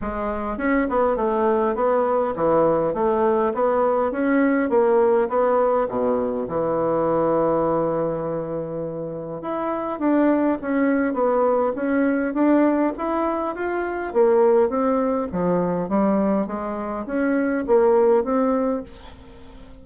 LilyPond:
\new Staff \with { instrumentName = "bassoon" } { \time 4/4 \tempo 4 = 102 gis4 cis'8 b8 a4 b4 | e4 a4 b4 cis'4 | ais4 b4 b,4 e4~ | e1 |
e'4 d'4 cis'4 b4 | cis'4 d'4 e'4 f'4 | ais4 c'4 f4 g4 | gis4 cis'4 ais4 c'4 | }